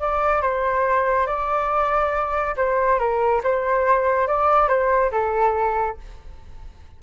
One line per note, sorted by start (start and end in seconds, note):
0.00 0.42 D5
0.42 1.27 C5
1.27 2.55 D5
2.57 2.99 C5
2.99 3.42 A#4
3.43 4.27 C5
4.27 4.68 D5
4.68 5.11 C5
5.11 5.97 A4